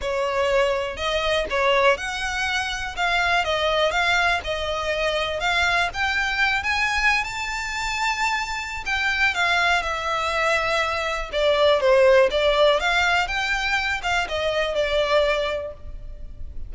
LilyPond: \new Staff \with { instrumentName = "violin" } { \time 4/4 \tempo 4 = 122 cis''2 dis''4 cis''4 | fis''2 f''4 dis''4 | f''4 dis''2 f''4 | g''4. gis''4~ gis''16 a''4~ a''16~ |
a''2 g''4 f''4 | e''2. d''4 | c''4 d''4 f''4 g''4~ | g''8 f''8 dis''4 d''2 | }